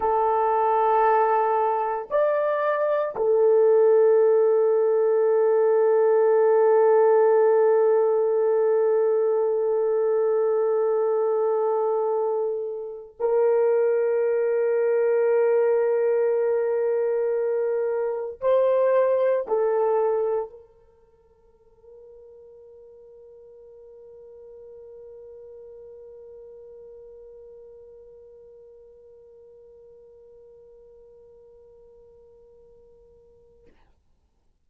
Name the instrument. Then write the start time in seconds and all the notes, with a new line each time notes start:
horn
0.00 A4
2.10 D5
3.16 A4
13.19 A#4
18.41 C5
19.47 A4
20.50 A#4